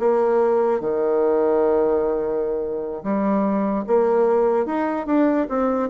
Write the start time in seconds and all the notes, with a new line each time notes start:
0.00 A#3
0.81 D#3
3.04 G3
3.88 A#3
4.66 D#4
5.07 D4
5.50 C4